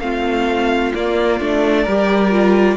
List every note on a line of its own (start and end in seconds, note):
0.00 0.93 A3
0.00 0.94 C4
0.00 1.83 F4
0.00 0.92 F5
0.95 1.40 A#3
0.95 1.41 A#3
0.95 2.77 D5
1.40 1.86 A3
1.40 1.87 D4
1.83 2.77 G3
1.83 2.31 G4
1.83 2.75 A#4
2.31 2.77 F4